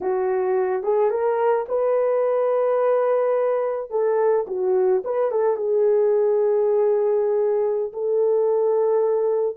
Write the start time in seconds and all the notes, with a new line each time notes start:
0.01 F#4
0.83 G#4
1.10 A#4
1.68 B4
3.90 A4
4.47 F#4
5.04 B4
5.31 A4
5.56 G#4
7.92 A4